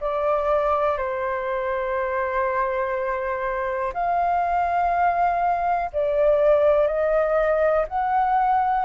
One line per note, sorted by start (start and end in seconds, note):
0.00 0.97 D5
0.97 3.93 C5
3.93 5.90 F5
5.92 6.87 D5
6.87 7.86 D#5
7.88 8.85 F#5